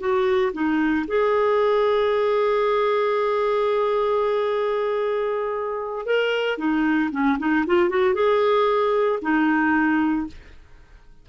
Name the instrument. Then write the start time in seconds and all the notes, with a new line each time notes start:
clarinet
0.00 F#4
0.53 D#4
1.08 G#4
6.06 A#4
6.58 D#4
7.12 C#4
7.39 D#4
7.67 F4
7.89 F#4
8.14 G#4
9.22 D#4